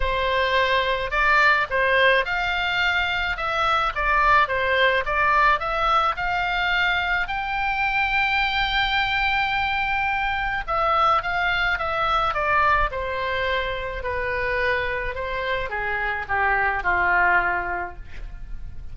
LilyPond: \new Staff \with { instrumentName = "oboe" } { \time 4/4 \tempo 4 = 107 c''2 d''4 c''4 | f''2 e''4 d''4 | c''4 d''4 e''4 f''4~ | f''4 g''2.~ |
g''2. e''4 | f''4 e''4 d''4 c''4~ | c''4 b'2 c''4 | gis'4 g'4 f'2 | }